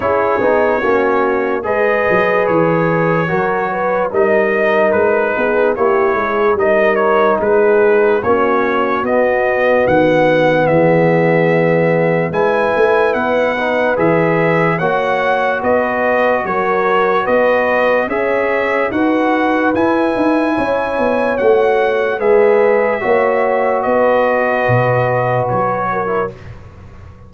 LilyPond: <<
  \new Staff \with { instrumentName = "trumpet" } { \time 4/4 \tempo 4 = 73 cis''2 dis''4 cis''4~ | cis''4 dis''4 b'4 cis''4 | dis''8 cis''8 b'4 cis''4 dis''4 | fis''4 e''2 gis''4 |
fis''4 e''4 fis''4 dis''4 | cis''4 dis''4 e''4 fis''4 | gis''2 fis''4 e''4~ | e''4 dis''2 cis''4 | }
  \new Staff \with { instrumentName = "horn" } { \time 4/4 gis'4 fis'4 b'2 | ais'8 b'8 ais'4. gis'8 g'8 gis'8 | ais'4 gis'4 fis'2~ | fis'4 gis'2 b'4~ |
b'2 cis''4 b'4 | ais'4 b'4 cis''4 b'4~ | b'4 cis''2 b'4 | cis''4 b'2~ b'8 ais'8 | }
  \new Staff \with { instrumentName = "trombone" } { \time 4/4 e'8 dis'8 cis'4 gis'2 | fis'4 dis'2 e'4 | dis'2 cis'4 b4~ | b2. e'4~ |
e'8 dis'8 gis'4 fis'2~ | fis'2 gis'4 fis'4 | e'2 fis'4 gis'4 | fis'2.~ fis'8. e'16 | }
  \new Staff \with { instrumentName = "tuba" } { \time 4/4 cis'8 b8 ais4 gis8 fis8 e4 | fis4 g4 gis8 b8 ais8 gis8 | g4 gis4 ais4 b4 | dis4 e2 gis8 a8 |
b4 e4 ais4 b4 | fis4 b4 cis'4 dis'4 | e'8 dis'8 cis'8 b8 a4 gis4 | ais4 b4 b,4 fis4 | }
>>